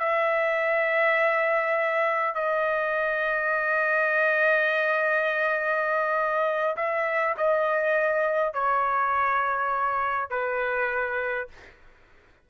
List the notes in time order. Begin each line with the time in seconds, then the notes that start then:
0.00 E5
2.35 D#5
6.77 E5
7.37 D#5
8.54 C#5
10.30 B4